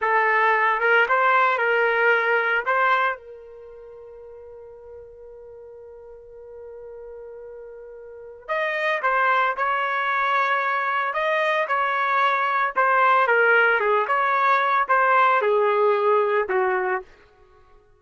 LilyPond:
\new Staff \with { instrumentName = "trumpet" } { \time 4/4 \tempo 4 = 113 a'4. ais'8 c''4 ais'4~ | ais'4 c''4 ais'2~ | ais'1~ | ais'1 |
dis''4 c''4 cis''2~ | cis''4 dis''4 cis''2 | c''4 ais'4 gis'8 cis''4. | c''4 gis'2 fis'4 | }